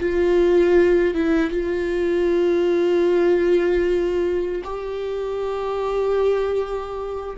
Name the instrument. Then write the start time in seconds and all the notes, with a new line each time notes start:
viola
0.00 F4
1.14 E4
1.51 F4
4.64 G4